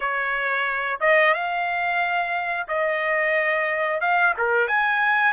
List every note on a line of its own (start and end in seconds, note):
0.00 0.99 C#5
1.00 1.33 D#5
1.33 2.67 F5
2.68 4.00 D#5
4.00 4.34 F5
4.37 4.67 A#4
4.67 5.33 G#5